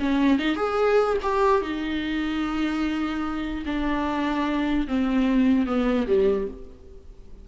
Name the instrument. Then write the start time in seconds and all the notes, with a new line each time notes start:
viola
0.00 C#4
0.39 D#4
0.56 G#4
1.23 G4
1.62 D#4
3.66 D4
4.88 C4
5.67 B3
6.08 G3